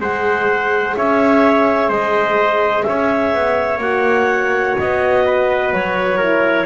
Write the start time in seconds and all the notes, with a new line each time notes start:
0.00 G#3 G#4 C5 F#5
0.97 C#4 C#5 E5
1.88 G#3 C5 D#5
2.83 C#4 C#5 E5
3.34 B3
3.78 A#3 F#4 F#5
4.79 B3 D#5
5.26 B4
5.73 F#3 C#5
6.17 E4 A#4